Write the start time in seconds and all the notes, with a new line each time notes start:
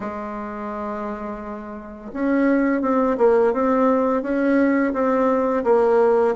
0.00 G#3
2.13 C#4
2.81 C4
3.17 A#3
3.53 C4
4.22 C#4
4.93 C4
5.64 A#3